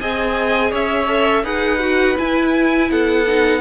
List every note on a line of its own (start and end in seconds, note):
0.00 0.72 C4
0.00 1.08 G#4
0.00 0.71 D#5
0.00 0.72 G#5
0.71 1.44 C#4
0.71 1.43 C#5
0.71 1.45 E5
1.08 1.44 A4
1.44 2.16 D#4
1.44 1.80 G#4
1.44 2.88 B4
1.44 2.18 F#5
1.80 2.16 F#4
2.17 3.25 E4
2.17 2.91 E4
2.17 2.91 G#5
2.91 3.61 B3
2.91 3.61 A4
2.91 3.61 F#5
3.28 3.61 D#4